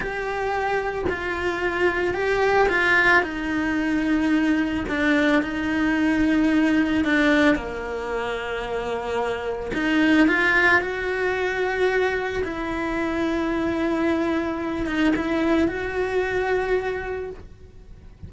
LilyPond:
\new Staff \with { instrumentName = "cello" } { \time 4/4 \tempo 4 = 111 g'2 f'2 | g'4 f'4 dis'2~ | dis'4 d'4 dis'2~ | dis'4 d'4 ais2~ |
ais2 dis'4 f'4 | fis'2. e'4~ | e'2.~ e'8 dis'8 | e'4 fis'2. | }